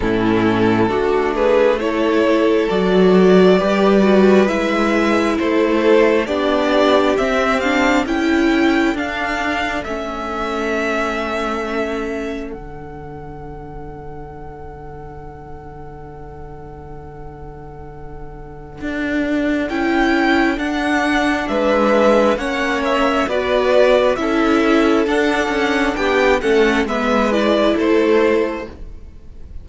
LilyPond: <<
  \new Staff \with { instrumentName = "violin" } { \time 4/4 \tempo 4 = 67 a'4. b'8 cis''4 d''4~ | d''4 e''4 c''4 d''4 | e''8 f''8 g''4 f''4 e''4~ | e''2 fis''2~ |
fis''1~ | fis''2 g''4 fis''4 | e''4 fis''8 e''8 d''4 e''4 | fis''4 g''8 fis''8 e''8 d''8 c''4 | }
  \new Staff \with { instrumentName = "violin" } { \time 4/4 e'4 fis'8 gis'8 a'2 | b'2 a'4 g'4~ | g'4 a'2.~ | a'1~ |
a'1~ | a'1 | b'4 cis''4 b'4 a'4~ | a'4 g'8 a'8 b'4 a'4 | }
  \new Staff \with { instrumentName = "viola" } { \time 4/4 cis'4 d'4 e'4 fis'4 | g'8 fis'8 e'2 d'4 | c'8 d'8 e'4 d'4 cis'4~ | cis'2 d'2~ |
d'1~ | d'2 e'4 d'4~ | d'4 cis'4 fis'4 e'4 | d'4. cis'8 b8 e'4. | }
  \new Staff \with { instrumentName = "cello" } { \time 4/4 a,4 a2 fis4 | g4 gis4 a4 b4 | c'4 cis'4 d'4 a4~ | a2 d2~ |
d1~ | d4 d'4 cis'4 d'4 | gis4 ais4 b4 cis'4 | d'8 cis'8 b8 a8 gis4 a4 | }
>>